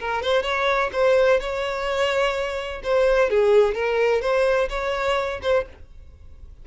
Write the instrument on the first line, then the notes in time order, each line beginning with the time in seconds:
violin
0.00 A#4
0.23 C5
0.43 C#5
0.93 C5
1.40 C#5
2.84 C5
3.30 G#4
3.75 A#4
4.21 C5
4.70 C#5
5.42 C5